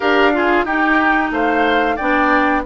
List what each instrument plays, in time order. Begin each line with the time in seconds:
0.00 bassoon D4, clarinet G4, oboe A#4, flute F5
0.33 clarinet F4, oboe G#4
0.64 bassoon D#4, clarinet D#4, oboe G4, flute G5
1.30 bassoon A3, oboe C5, flute F5
1.96 bassoon B3, clarinet D4, oboe D5, flute G5